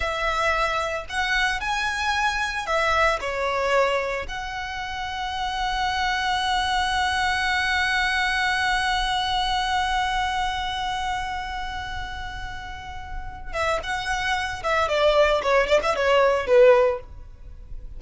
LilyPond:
\new Staff \with { instrumentName = "violin" } { \time 4/4 \tempo 4 = 113 e''2 fis''4 gis''4~ | gis''4 e''4 cis''2 | fis''1~ | fis''1~ |
fis''1~ | fis''1~ | fis''4. e''8 fis''4. e''8 | d''4 cis''8 d''16 e''16 cis''4 b'4 | }